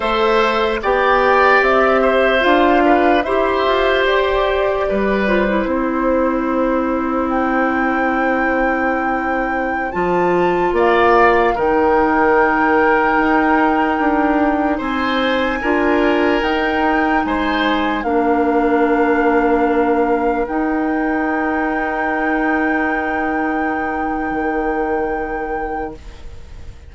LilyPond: <<
  \new Staff \with { instrumentName = "flute" } { \time 4/4 \tempo 4 = 74 e''4 g''4 e''4 f''4 | e''4 d''4. c''4.~ | c''4 g''2.~ | g''16 a''4 f''4 g''4.~ g''16~ |
g''2~ g''16 gis''4.~ gis''16~ | gis''16 g''4 gis''4 f''4.~ f''16~ | f''4~ f''16 g''2~ g''8.~ | g''1 | }
  \new Staff \with { instrumentName = "oboe" } { \time 4/4 c''4 d''4. c''4 b'8 | c''2 b'4 c''4~ | c''1~ | c''4~ c''16 d''4 ais'4.~ ais'16~ |
ais'2~ ais'16 c''4 ais'8.~ | ais'4~ ais'16 c''4 ais'4.~ ais'16~ | ais'1~ | ais'1 | }
  \new Staff \with { instrumentName = "clarinet" } { \time 4/4 a'4 g'2 f'4 | g'2~ g'8 f'16 e'4~ e'16~ | e'1~ | e'16 f'2 dis'4.~ dis'16~ |
dis'2.~ dis'16 f'8.~ | f'16 dis'2 d'4.~ d'16~ | d'4~ d'16 dis'2~ dis'8.~ | dis'1 | }
  \new Staff \with { instrumentName = "bassoon" } { \time 4/4 a4 b4 c'4 d'4 | e'8 f'8 g'4 g4 c'4~ | c'1~ | c'16 f4 ais4 dis4.~ dis16~ |
dis16 dis'4 d'4 c'4 d'8.~ | d'16 dis'4 gis4 ais4.~ ais16~ | ais4~ ais16 dis'2~ dis'8.~ | dis'2 dis2 | }
>>